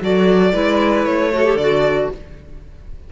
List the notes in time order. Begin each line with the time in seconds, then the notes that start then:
0.00 F#3 F#4 A4 D5
0.52 G#3 E4 B4
1.04 A3 C#5
1.31 F#4 A4
1.45 G4
1.55 D3 F#4 D5